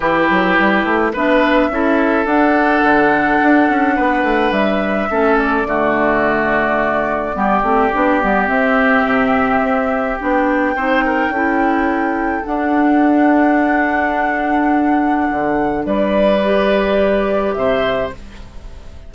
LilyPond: <<
  \new Staff \with { instrumentName = "flute" } { \time 4/4 \tempo 4 = 106 b'2 e''2 | fis''1 | e''4. d''2~ d''8~ | d''2. e''4~ |
e''2 g''2~ | g''2 fis''2~ | fis''1 | d''2. e''4 | }
  \new Staff \with { instrumentName = "oboe" } { \time 4/4 g'2 b'4 a'4~ | a'2. b'4~ | b'4 a'4 fis'2~ | fis'4 g'2.~ |
g'2. c''8 ais'8 | a'1~ | a'1 | b'2. c''4 | }
  \new Staff \with { instrumentName = "clarinet" } { \time 4/4 e'2 d'4 e'4 | d'1~ | d'4 cis'4 a2~ | a4 b8 c'8 d'8 b8 c'4~ |
c'2 d'4 dis'4 | e'2 d'2~ | d'1~ | d'4 g'2. | }
  \new Staff \with { instrumentName = "bassoon" } { \time 4/4 e8 fis8 g8 a8 b4 cis'4 | d'4 d4 d'8 cis'8 b8 a8 | g4 a4 d2~ | d4 g8 a8 b8 g8 c'4 |
c4 c'4 b4 c'4 | cis'2 d'2~ | d'2. d4 | g2. c4 | }
>>